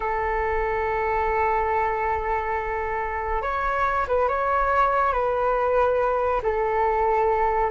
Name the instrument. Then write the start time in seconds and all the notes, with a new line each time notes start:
flute
0.00 A4
3.42 C#5
4.07 B4
4.28 C#5
5.12 B4
6.42 A4